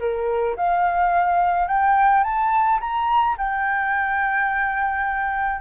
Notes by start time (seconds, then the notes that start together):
0.00 A#4
0.57 F5
1.68 G5
2.24 A5
2.81 A#5
3.38 G5